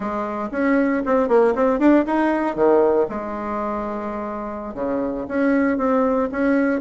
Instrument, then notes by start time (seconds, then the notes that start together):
bassoon
0.00 G#3
0.51 C#4
1.05 C4
1.28 A#3
1.55 C4
1.79 D4
2.06 D#4
2.55 D#3
3.09 G#3
4.74 C#3
5.28 C#4
5.77 C4
6.31 C#4